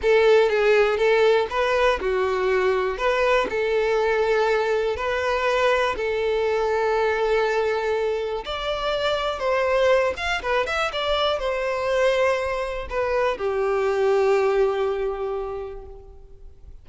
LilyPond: \new Staff \with { instrumentName = "violin" } { \time 4/4 \tempo 4 = 121 a'4 gis'4 a'4 b'4 | fis'2 b'4 a'4~ | a'2 b'2 | a'1~ |
a'4 d''2 c''4~ | c''8 f''8 b'8 e''8 d''4 c''4~ | c''2 b'4 g'4~ | g'1 | }